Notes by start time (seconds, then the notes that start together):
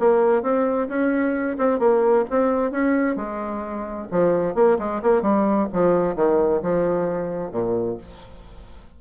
0.00 A#3
0.43 C4
0.89 C#4
1.59 C4
1.80 A#3
2.30 C4
2.71 C#4
3.16 G#3
4.12 F3
4.55 A#3
4.79 G#3
5.03 A#3
5.23 G3
5.73 F3
6.16 D#3
6.63 F3
7.52 A#2